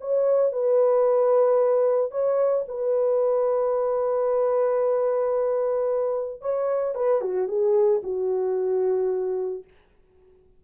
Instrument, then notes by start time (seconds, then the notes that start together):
horn
0.00 C#5
0.52 B4
2.11 C#5
2.68 B4
6.41 C#5
6.94 B4
7.21 F#4
7.48 G#4
8.03 F#4